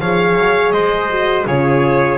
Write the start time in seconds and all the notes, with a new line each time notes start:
0.00 F3 G#4 C#5 F5
0.36 F#3
0.72 G#3 C5 D#5
1.11 F#4
1.46 C#3 F4 G#4 C#5